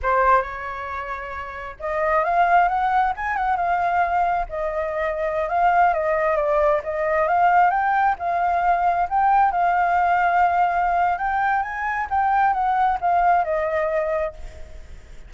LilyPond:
\new Staff \with { instrumentName = "flute" } { \time 4/4 \tempo 4 = 134 c''4 cis''2. | dis''4 f''4 fis''4 gis''8 fis''8 | f''2 dis''2~ | dis''16 f''4 dis''4 d''4 dis''8.~ |
dis''16 f''4 g''4 f''4.~ f''16~ | f''16 g''4 f''2~ f''8.~ | f''4 g''4 gis''4 g''4 | fis''4 f''4 dis''2 | }